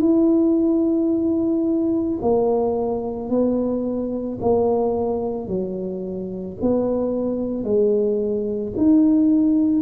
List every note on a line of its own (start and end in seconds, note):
0.00 2.18 E4
2.21 3.29 A#3
3.29 4.38 B3
4.41 5.47 A#3
5.47 6.57 F#3
6.61 7.64 B3
7.64 8.73 G#3
8.77 9.82 D#4